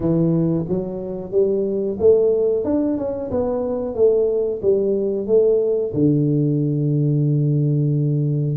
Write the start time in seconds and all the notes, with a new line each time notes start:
0.00 E3
0.68 F#3
1.31 G3
1.99 A3
2.64 D4
2.97 C#4
3.30 B3
3.94 A3
4.62 G3
5.26 A3
5.93 D3